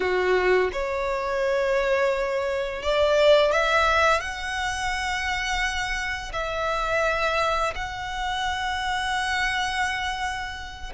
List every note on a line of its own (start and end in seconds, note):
0.00 0.70 F#4
0.72 2.82 C#5
2.82 3.52 D5
3.52 4.20 E5
4.20 6.32 F#5
6.32 7.74 E5
7.75 10.93 F#5